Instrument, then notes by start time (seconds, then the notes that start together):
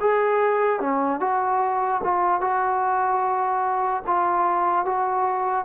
trombone
0.00 G#4
0.80 C#4
1.20 F#4
2.03 F4
2.40 F#4
4.07 F4
4.85 F#4